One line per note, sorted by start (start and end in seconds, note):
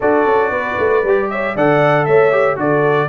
0.00 0.25 D4
0.00 1.04 F#4
0.00 0.51 A4
0.00 1.29 D5
0.25 0.49 C#4
0.49 0.75 B3
0.49 1.29 B4
0.79 1.03 A3
1.03 1.55 G3
1.03 1.56 G4
1.29 1.55 C#5
1.29 1.55 E5
1.55 2.07 D3
1.55 2.31 A4
1.55 2.06 D5
1.55 2.05 F#5
2.05 2.56 A3
2.05 2.58 C#5
2.05 2.56 E5
2.31 2.55 G4
2.55 3.08 D3
2.55 3.07 F#4
2.55 3.08 A4
2.55 3.08 D5